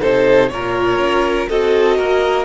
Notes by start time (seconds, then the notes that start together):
0.00 C3 D#4 A4 C5
0.49 A#2 F4 A#4 C#5
0.98 C#4
1.49 C4 F#4 A4 D#5
1.97 A#3 A#4